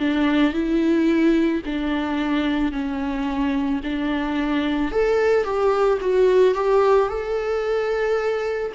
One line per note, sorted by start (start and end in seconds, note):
0.00 0.53 D4
0.53 1.62 E4
1.66 2.72 D4
2.72 3.81 C#4
3.84 4.92 D4
4.92 5.44 A4
5.44 5.99 G4
6.01 6.55 F#4
6.55 7.09 G4
7.09 8.73 A4